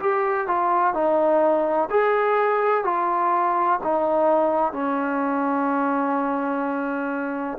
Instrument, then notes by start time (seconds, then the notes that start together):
trombone
0.00 G4
0.48 F4
0.94 D#4
1.90 G#4
2.84 F4
3.84 D#4
4.73 C#4